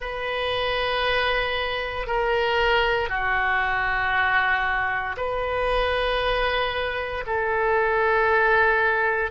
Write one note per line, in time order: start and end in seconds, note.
0.00 2.06 B4
2.06 3.09 A#4
3.09 5.16 F#4
5.17 7.24 B4
7.26 9.31 A4